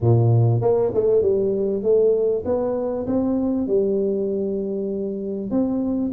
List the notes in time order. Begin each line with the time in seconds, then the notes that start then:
0.01 A#2
0.61 A#3
0.94 A3
1.22 G3
1.82 A3
2.45 B3
3.06 C4
3.67 G3
5.50 C4